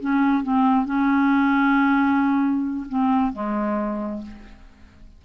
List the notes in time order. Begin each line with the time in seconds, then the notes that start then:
0.00 C#4
0.43 C4
0.85 C#4
2.89 C4
3.33 G#3